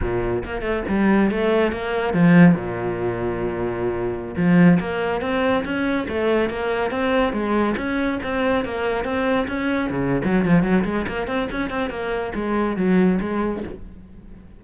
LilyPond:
\new Staff \with { instrumentName = "cello" } { \time 4/4 \tempo 4 = 141 ais,4 ais8 a8 g4 a4 | ais4 f4 ais,2~ | ais,2~ ais,16 f4 ais8.~ | ais16 c'4 cis'4 a4 ais8.~ |
ais16 c'4 gis4 cis'4 c'8.~ | c'16 ais4 c'4 cis'4 cis8. | fis8 f8 fis8 gis8 ais8 c'8 cis'8 c'8 | ais4 gis4 fis4 gis4 | }